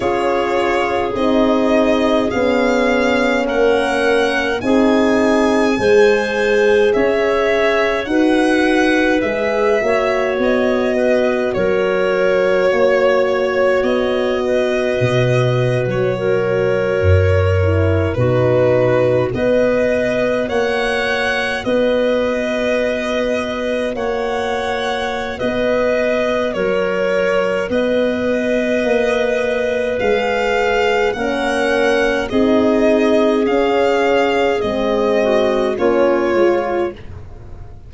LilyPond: <<
  \new Staff \with { instrumentName = "violin" } { \time 4/4 \tempo 4 = 52 cis''4 dis''4 f''4 fis''4 | gis''2 e''4 fis''4 | e''4 dis''4 cis''2 | dis''4.~ dis''16 cis''2 b'16~ |
b'8. dis''4 fis''4 dis''4~ dis''16~ | dis''8. fis''4~ fis''16 dis''4 cis''4 | dis''2 f''4 fis''4 | dis''4 f''4 dis''4 cis''4 | }
  \new Staff \with { instrumentName = "clarinet" } { \time 4/4 gis'2. ais'4 | gis'4 c''4 cis''4 b'4~ | b'8 cis''4 b'8 ais'4 cis''4~ | cis''8 b'4. ais'4.~ ais'16 fis'16~ |
fis'8. b'4 cis''4 b'4~ b'16~ | b'8. cis''4~ cis''16 b'4 ais'4 | b'2. ais'4 | gis'2~ gis'8 fis'8 f'4 | }
  \new Staff \with { instrumentName = "horn" } { \time 4/4 f'4 dis'4 cis'2 | dis'4 gis'2 fis'4 | gis'8 fis'2.~ fis'8~ | fis'2.~ fis'16 e'8 dis'16~ |
dis'8. fis'2.~ fis'16~ | fis'1~ | fis'2 gis'4 cis'4 | dis'4 cis'4 c'4 cis'8 f'8 | }
  \new Staff \with { instrumentName = "tuba" } { \time 4/4 cis'4 c'4 b4 ais4 | c'4 gis4 cis'4 dis'4 | gis8 ais8 b4 fis4 ais4 | b4 b,8. fis4 fis,4 b,16~ |
b,8. b4 ais4 b4~ b16~ | b8. ais4~ ais16 b4 fis4 | b4 ais4 gis4 ais4 | c'4 cis'4 gis4 ais8 gis8 | }
>>